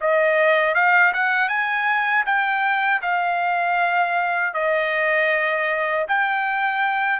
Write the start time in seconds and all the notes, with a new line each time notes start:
0.00 D#5
0.74 F5
1.13 F#5
1.48 G#5
2.25 G5
3.01 F5
4.53 D#5
6.08 G5